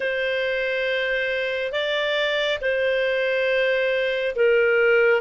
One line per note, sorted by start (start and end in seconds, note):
0.00 1.72 C5
1.72 2.58 D5
2.61 4.35 C5
4.35 5.21 A#4